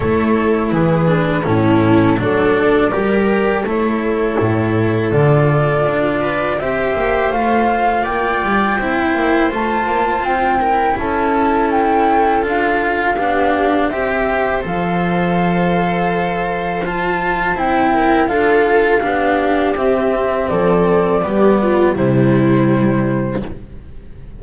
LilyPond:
<<
  \new Staff \with { instrumentName = "flute" } { \time 4/4 \tempo 4 = 82 cis''4 b'4 a'4 d''4~ | d''4 cis''2 d''4~ | d''4 e''4 f''4 g''4~ | g''4 a''4 g''4 a''4 |
g''4 f''2 e''4 | f''2. a''4 | g''4 f''2 e''4 | d''2 c''2 | }
  \new Staff \with { instrumentName = "viola" } { \time 4/4 a'4 gis'4 e'4 a'4 | ais'4 a'2.~ | a'8 b'8 c''2 d''4 | c''2~ c''8 ais'8 a'4~ |
a'2 g'4 c''4~ | c''1~ | c''8 ais'8 a'4 g'2 | a'4 g'8 f'8 e'2 | }
  \new Staff \with { instrumentName = "cello" } { \time 4/4 e'4. d'8 cis'4 d'4 | g'4 e'2 f'4~ | f'4 g'4 f'2 | e'4 f'4. e'4.~ |
e'4 f'4 d'4 g'4 | a'2. f'4 | e'4 f'4 d'4 c'4~ | c'4 b4 g2 | }
  \new Staff \with { instrumentName = "double bass" } { \time 4/4 a4 e4 a,4 fis4 | g4 a4 a,4 d4 | d'4 c'8 ais8 a4 ais8 g8 | c'8 ais8 a8 ais8 c'4 cis'4~ |
cis'4 d'4 b4 c'4 | f1 | c'4 d'4 b4 c'4 | f4 g4 c2 | }
>>